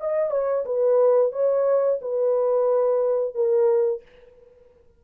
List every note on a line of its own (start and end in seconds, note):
0.00 0.31 D#5
0.31 0.64 C#5
0.66 1.32 B4
1.32 1.99 C#5
2.01 3.35 B4
3.35 4.02 A#4